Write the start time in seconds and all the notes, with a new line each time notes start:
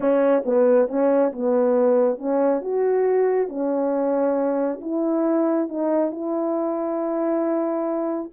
0.00 C#4
0.45 B3
0.88 C#4
1.32 B3
2.18 C#4
2.61 F#4
3.49 C#4
4.81 E4
5.68 D#4
6.11 E4